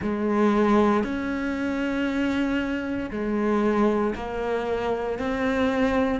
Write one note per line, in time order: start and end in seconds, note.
0.02 1.03 G#3
1.03 3.10 C#4
3.10 4.14 G#3
4.15 5.18 A#3
5.18 6.20 C4